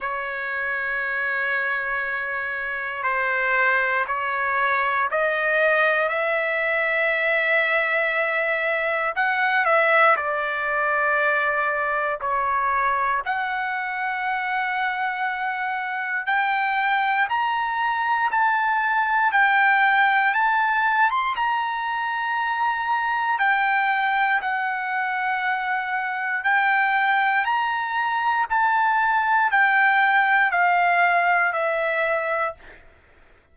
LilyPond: \new Staff \with { instrumentName = "trumpet" } { \time 4/4 \tempo 4 = 59 cis''2. c''4 | cis''4 dis''4 e''2~ | e''4 fis''8 e''8 d''2 | cis''4 fis''2. |
g''4 ais''4 a''4 g''4 | a''8. c'''16 ais''2 g''4 | fis''2 g''4 ais''4 | a''4 g''4 f''4 e''4 | }